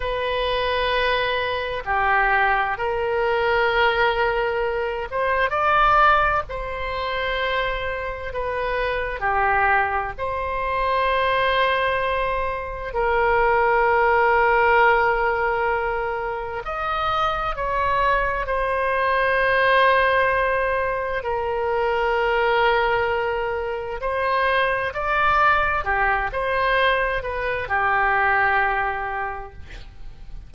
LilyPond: \new Staff \with { instrumentName = "oboe" } { \time 4/4 \tempo 4 = 65 b'2 g'4 ais'4~ | ais'4. c''8 d''4 c''4~ | c''4 b'4 g'4 c''4~ | c''2 ais'2~ |
ais'2 dis''4 cis''4 | c''2. ais'4~ | ais'2 c''4 d''4 | g'8 c''4 b'8 g'2 | }